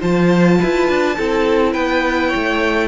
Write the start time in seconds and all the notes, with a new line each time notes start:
0.00 F3 F4 C5 A5
0.59 E4 B4
0.89 D4
1.18 C4 E4 A4
1.73 B3 B4 G5
2.28 C#5
2.36 A3